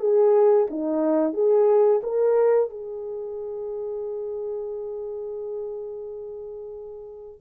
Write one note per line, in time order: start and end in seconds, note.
0.00 0.67 G#4
0.71 1.34 D#4
1.34 2.02 G#4
2.03 2.70 A#4
2.70 7.41 G#4